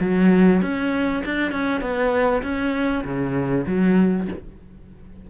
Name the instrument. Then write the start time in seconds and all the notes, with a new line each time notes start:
cello
0.00 F#3
0.62 C#4
1.25 D4
1.52 C#4
1.81 B3
2.42 C#4
3.04 C#3
3.67 F#3